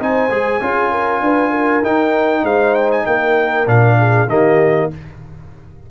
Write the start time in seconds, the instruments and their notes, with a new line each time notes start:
0.00 tuba C4, trombone D#4, horn C5, trumpet G#5
0.30 tuba G#3, trombone G#4
0.62 tuba C#4, trombone F4, horn G#4
0.91 horn A#4
1.21 tuba D4, horn B4
1.50 horn A#4
1.83 tuba D#4, trombone D#4, trumpet G5
2.43 tuba G#3, horn C5, trumpet F5
2.75 trumpet G5
2.92 trumpet G#5
3.07 tuba A#3, horn A#4, trumpet G5
3.67 tuba A#2, trombone D4, trumpet F5
3.99 horn G#4
4.28 tuba D#3, trombone A#3, horn G4, trumpet D#5